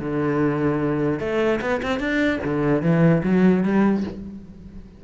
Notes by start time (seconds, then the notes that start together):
0.00 D3
1.20 A3
1.61 B3
1.83 C4
2.00 D4
2.44 D3
2.82 E3
3.23 F#3
3.64 G3